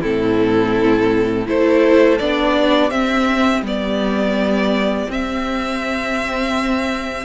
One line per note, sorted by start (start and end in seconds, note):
0.00 1.47 A2
0.00 1.45 C4
0.00 1.45 E4
0.00 1.47 A4
1.45 2.19 A3
1.45 2.18 E4
1.45 2.56 A4
1.45 2.18 C5
2.18 2.91 B3
2.18 2.90 D4
2.18 2.90 D5
2.56 7.24 G4
2.90 3.62 C4
2.90 3.61 C4
2.90 3.62 E5
3.61 5.06 G3
3.61 5.07 B3
3.61 5.11 D5
5.07 7.24 C4
5.07 7.24 E5